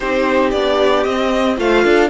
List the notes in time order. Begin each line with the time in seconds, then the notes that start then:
0.00 C4 D#4 G4 C5
0.50 B3 D4 D5
1.03 C4 D#5
1.56 A3 F4 C5 F5
1.84 D4 A4